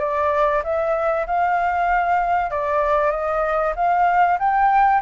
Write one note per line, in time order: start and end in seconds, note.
0.00 0.62 D5
0.64 1.27 E5
1.27 2.51 F5
2.51 3.12 D5
3.12 3.74 D#5
3.76 4.39 F5
4.39 5.02 G5